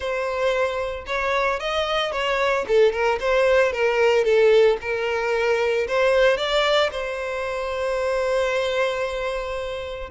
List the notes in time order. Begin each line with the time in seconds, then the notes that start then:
0.00 C5
1.06 C#5
1.59 D#5
2.11 C#5
2.67 A4
2.92 A#4
3.20 C5
3.72 A#4
4.24 A4
4.81 A#4
5.87 C5
6.37 D5
6.91 C5